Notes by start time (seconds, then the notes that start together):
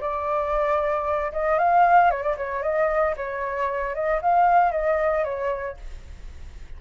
0.00 D5
1.32 D#5
1.58 F5
2.11 C#5
2.22 D5
2.37 C#5
2.62 D#5
3.16 C#5
3.94 D#5
4.22 F5
4.71 D#5
5.24 C#5